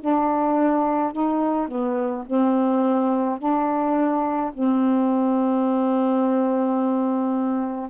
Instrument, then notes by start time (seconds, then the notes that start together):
saxophone
0.00 D4
1.12 D#4
1.68 B3
2.26 C4
3.39 D4
4.53 C4